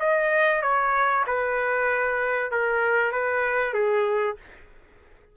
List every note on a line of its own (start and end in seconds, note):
0.00 0.62 D#5
0.63 1.25 C#5
1.27 2.52 B4
2.52 3.12 A#4
3.12 3.74 B4
3.74 4.37 G#4